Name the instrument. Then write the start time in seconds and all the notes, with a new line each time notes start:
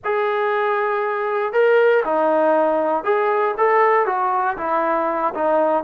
trombone
0.04 G#4
1.53 A#4
2.05 D#4
3.04 G#4
3.57 A4
4.05 F#4
4.57 E4
5.34 D#4